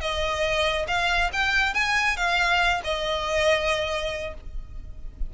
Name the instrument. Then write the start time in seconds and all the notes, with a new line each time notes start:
violin
0.00 D#5
0.87 F5
1.32 G5
1.74 G#5
2.17 F5
2.84 D#5